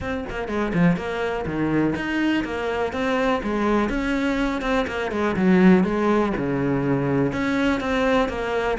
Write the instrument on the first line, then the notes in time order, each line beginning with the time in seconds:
cello
0.00 C4
0.29 A#3
0.48 G#3
0.73 F3
0.96 A#3
1.46 D#3
1.95 D#4
2.44 A#3
2.92 C4
3.43 G#3
3.89 C#4
4.61 C4
4.87 A#3
5.11 G#3
5.36 F#3
5.84 G#3
6.36 C#3
7.32 C#4
7.80 C4
8.28 A#3